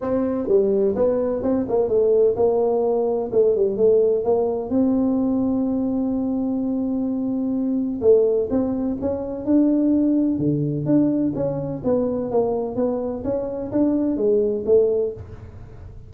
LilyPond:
\new Staff \with { instrumentName = "tuba" } { \time 4/4 \tempo 4 = 127 c'4 g4 b4 c'8 ais8 | a4 ais2 a8 g8 | a4 ais4 c'2~ | c'1~ |
c'4 a4 c'4 cis'4 | d'2 d4 d'4 | cis'4 b4 ais4 b4 | cis'4 d'4 gis4 a4 | }